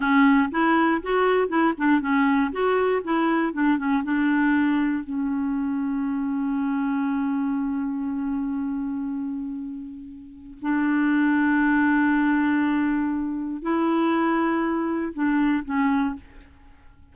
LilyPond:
\new Staff \with { instrumentName = "clarinet" } { \time 4/4 \tempo 4 = 119 cis'4 e'4 fis'4 e'8 d'8 | cis'4 fis'4 e'4 d'8 cis'8 | d'2 cis'2~ | cis'1~ |
cis'1~ | cis'4 d'2.~ | d'2. e'4~ | e'2 d'4 cis'4 | }